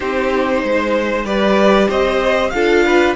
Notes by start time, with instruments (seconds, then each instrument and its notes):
0.00 cello C4, viola D#4, violin G4 C5
0.63 cello G#3, violin C5
1.24 cello G3, viola G4, violin B4 D5
1.88 cello C4, violin C5 D#5
2.50 cello D4, viola F4, violin A4 F5
2.85 violin B4